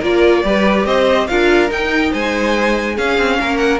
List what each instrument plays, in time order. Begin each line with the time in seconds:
0.00 cello A#3, viola F4, violin A#4 D5
0.44 cello G3, viola G4, violin B4
0.86 cello C4, violin C5 D#5
1.28 cello D4, viola F4, violin A#4 F5
1.69 viola D#4, cello D#4, violin G5
2.12 cello G#3, violin C5 G#5
2.96 cello C#4, viola C#4, violin G#4 F5
3.18 cello C4
3.40 cello A#3, violin A#4
3.58 violin F#5